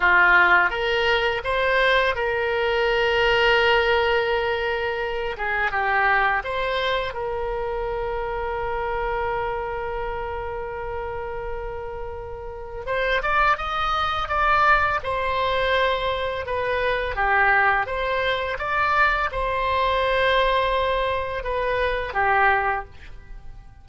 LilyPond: \new Staff \with { instrumentName = "oboe" } { \time 4/4 \tempo 4 = 84 f'4 ais'4 c''4 ais'4~ | ais'2.~ ais'8 gis'8 | g'4 c''4 ais'2~ | ais'1~ |
ais'2 c''8 d''8 dis''4 | d''4 c''2 b'4 | g'4 c''4 d''4 c''4~ | c''2 b'4 g'4 | }